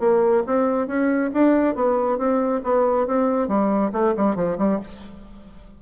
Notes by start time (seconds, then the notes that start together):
0.00 A#3
0.47 C4
0.87 C#4
1.34 D4
1.75 B3
2.18 C4
2.64 B3
3.07 C4
3.48 G3
3.93 A3
4.17 G3
4.36 F3
4.58 G3